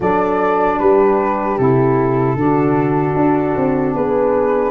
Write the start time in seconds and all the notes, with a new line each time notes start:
0.00 F#3 D4 A4 D5
0.79 G3 G4 B4
1.57 C3 E4 A4
2.35 D3 D4 F#4
3.16 D4
3.56 C4
3.93 B3 G#4 B4